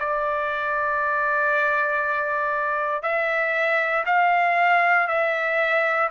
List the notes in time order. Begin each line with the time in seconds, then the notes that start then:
0.00 D5
3.03 E5
4.06 F5
5.08 E5